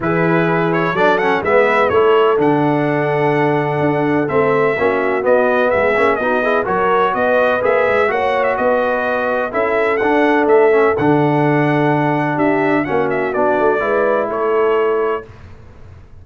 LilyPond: <<
  \new Staff \with { instrumentName = "trumpet" } { \time 4/4 \tempo 4 = 126 b'4. cis''8 d''8 fis''8 e''4 | cis''4 fis''2.~ | fis''4 e''2 dis''4 | e''4 dis''4 cis''4 dis''4 |
e''4 fis''8. e''16 dis''2 | e''4 fis''4 e''4 fis''4~ | fis''2 e''4 fis''8 e''8 | d''2 cis''2 | }
  \new Staff \with { instrumentName = "horn" } { \time 4/4 gis'2 a'4 b'4 | a'1~ | a'2 fis'2 | gis'4 fis'8 gis'8 ais'4 b'4~ |
b'4 cis''4 b'2 | a'1~ | a'2 g'4 fis'4~ | fis'4 b'4 a'2 | }
  \new Staff \with { instrumentName = "trombone" } { \time 4/4 e'2 d'8 cis'8 b4 | e'4 d'2.~ | d'4 c'4 cis'4 b4~ | b8 cis'8 dis'8 e'8 fis'2 |
gis'4 fis'2. | e'4 d'4. cis'8 d'4~ | d'2. cis'4 | d'4 e'2. | }
  \new Staff \with { instrumentName = "tuba" } { \time 4/4 e2 fis4 gis4 | a4 d2. | d'4 a4 ais4 b4 | gis8 ais8 b4 fis4 b4 |
ais8 gis8 ais4 b2 | cis'4 d'4 a4 d4~ | d2 d'4 ais4 | b8 a8 gis4 a2 | }
>>